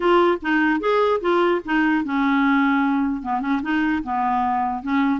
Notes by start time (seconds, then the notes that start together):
0.00 F4
0.42 D#4
0.80 G#4
1.21 F4
1.65 D#4
2.04 C#4
3.22 B3
3.40 C#4
3.62 D#4
4.03 B3
4.82 C#4